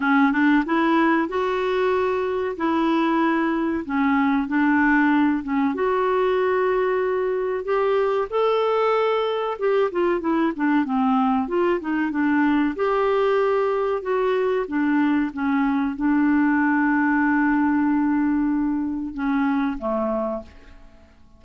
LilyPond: \new Staff \with { instrumentName = "clarinet" } { \time 4/4 \tempo 4 = 94 cis'8 d'8 e'4 fis'2 | e'2 cis'4 d'4~ | d'8 cis'8 fis'2. | g'4 a'2 g'8 f'8 |
e'8 d'8 c'4 f'8 dis'8 d'4 | g'2 fis'4 d'4 | cis'4 d'2.~ | d'2 cis'4 a4 | }